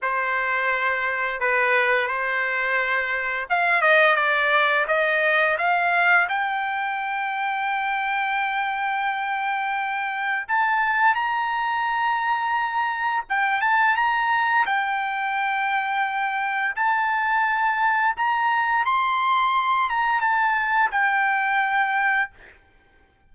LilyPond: \new Staff \with { instrumentName = "trumpet" } { \time 4/4 \tempo 4 = 86 c''2 b'4 c''4~ | c''4 f''8 dis''8 d''4 dis''4 | f''4 g''2.~ | g''2. a''4 |
ais''2. g''8 a''8 | ais''4 g''2. | a''2 ais''4 c'''4~ | c'''8 ais''8 a''4 g''2 | }